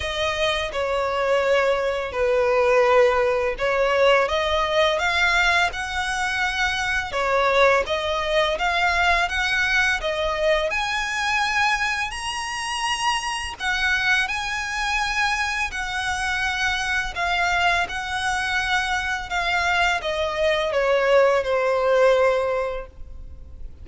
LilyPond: \new Staff \with { instrumentName = "violin" } { \time 4/4 \tempo 4 = 84 dis''4 cis''2 b'4~ | b'4 cis''4 dis''4 f''4 | fis''2 cis''4 dis''4 | f''4 fis''4 dis''4 gis''4~ |
gis''4 ais''2 fis''4 | gis''2 fis''2 | f''4 fis''2 f''4 | dis''4 cis''4 c''2 | }